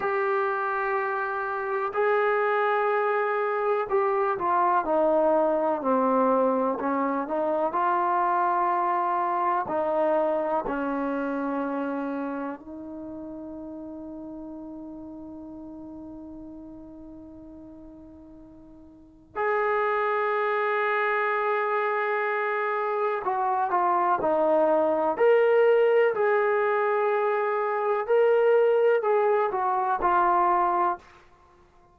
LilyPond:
\new Staff \with { instrumentName = "trombone" } { \time 4/4 \tempo 4 = 62 g'2 gis'2 | g'8 f'8 dis'4 c'4 cis'8 dis'8 | f'2 dis'4 cis'4~ | cis'4 dis'2.~ |
dis'1 | gis'1 | fis'8 f'8 dis'4 ais'4 gis'4~ | gis'4 ais'4 gis'8 fis'8 f'4 | }